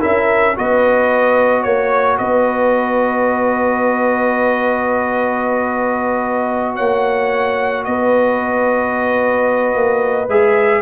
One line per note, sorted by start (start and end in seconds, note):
0.00 0.57 C#4
0.00 0.54 E4
0.00 0.54 A#4
0.00 0.57 E5
0.56 1.65 B3
0.56 10.29 F#4
0.56 1.63 B4
0.56 1.63 D#5
1.63 2.19 A#3
1.63 2.17 C#5
2.18 6.79 B3
2.18 6.75 B4
2.18 6.76 D#5
6.75 7.87 A#3
6.75 7.83 C#5
6.75 7.84 F#5
7.85 9.75 B3
7.85 10.82 B4
7.85 10.28 D#5
9.75 10.28 A#3
10.28 10.82 G#3
10.28 10.82 G#4
10.28 10.82 E5